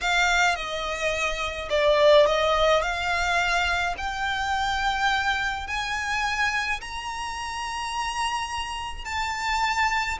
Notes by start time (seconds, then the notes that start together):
0.01 F5
0.55 D#5
1.69 D5
2.26 D#5
2.81 F5
3.97 G5
5.67 G#5
6.80 A#5
9.05 A5